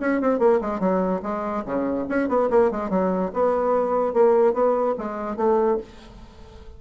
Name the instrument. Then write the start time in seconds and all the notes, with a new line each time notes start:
bassoon
0.00 C#4
0.21 C4
0.39 A#3
0.61 G#3
0.80 F#3
1.22 G#3
1.65 C#3
2.09 C#4
2.28 B3
2.50 A#3
2.71 G#3
2.89 F#3
3.33 B3
4.13 A#3
4.53 B3
4.98 G#3
5.36 A3